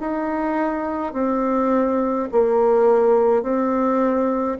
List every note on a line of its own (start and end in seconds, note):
0.00 1.13 D#4
1.13 2.29 C4
2.32 3.42 A#3
3.42 4.58 C4